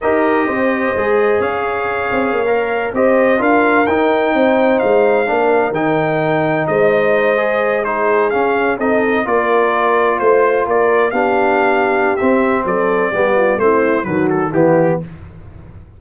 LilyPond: <<
  \new Staff \with { instrumentName = "trumpet" } { \time 4/4 \tempo 4 = 128 dis''2. f''4~ | f''2~ f''16 dis''4 f''8.~ | f''16 g''2 f''4.~ f''16~ | f''16 g''2 dis''4.~ dis''16~ |
dis''8. c''4 f''4 dis''4 d''16~ | d''4.~ d''16 c''4 d''4 f''16~ | f''2 e''4 d''4~ | d''4 c''4 b'8 a'8 g'4 | }
  \new Staff \with { instrumentName = "horn" } { \time 4/4 ais'4 c''2 cis''4~ | cis''2~ cis''16 c''4 ais'8.~ | ais'4~ ais'16 c''2 ais'8.~ | ais'2~ ais'16 c''4.~ c''16~ |
c''8. gis'2 a'4 ais'16~ | ais'4.~ ais'16 c''4 ais'4 g'16~ | g'2. a'4 | g'8 f'8 e'4 fis'4 e'4 | }
  \new Staff \with { instrumentName = "trombone" } { \time 4/4 g'2 gis'2~ | gis'4~ gis'16 ais'4 g'4 f'8.~ | f'16 dis'2. d'8.~ | d'16 dis'2.~ dis'8 gis'16~ |
gis'8. dis'4 cis'4 dis'4 f'16~ | f'2.~ f'8. d'16~ | d'2 c'2 | b4 c'4 fis4 b4 | }
  \new Staff \with { instrumentName = "tuba" } { \time 4/4 dis'4 c'4 gis4 cis'4~ | cis'8 c'8 ais4~ ais16 c'4 d'8.~ | d'16 dis'4 c'4 gis4 ais8.~ | ais16 dis2 gis4.~ gis16~ |
gis4.~ gis16 cis'4 c'4 ais16~ | ais4.~ ais16 a4 ais4 b16~ | b2 c'4 fis4 | g4 a4 dis4 e4 | }
>>